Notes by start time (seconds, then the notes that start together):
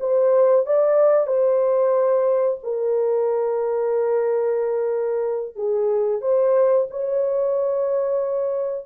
0.00 C5
0.66 D5
1.27 C5
2.63 A#4
5.55 G#4
6.21 C5
6.91 C#5